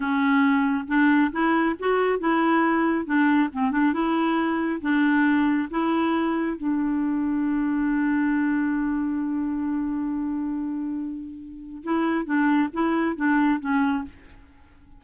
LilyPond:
\new Staff \with { instrumentName = "clarinet" } { \time 4/4 \tempo 4 = 137 cis'2 d'4 e'4 | fis'4 e'2 d'4 | c'8 d'8 e'2 d'4~ | d'4 e'2 d'4~ |
d'1~ | d'1~ | d'2. e'4 | d'4 e'4 d'4 cis'4 | }